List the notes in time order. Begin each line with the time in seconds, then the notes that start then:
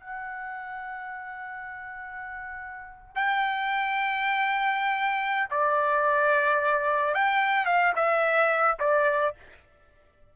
0.00 F#5
3.15 G5
5.50 D5
7.14 G5
7.66 F5
7.95 E5
8.79 D5